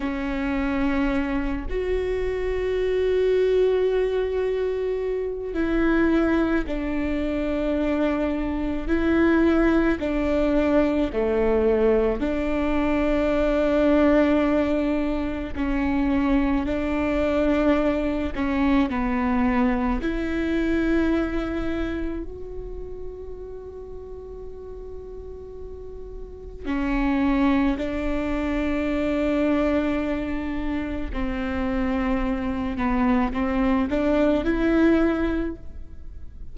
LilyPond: \new Staff \with { instrumentName = "viola" } { \time 4/4 \tempo 4 = 54 cis'4. fis'2~ fis'8~ | fis'4 e'4 d'2 | e'4 d'4 a4 d'4~ | d'2 cis'4 d'4~ |
d'8 cis'8 b4 e'2 | fis'1 | cis'4 d'2. | c'4. b8 c'8 d'8 e'4 | }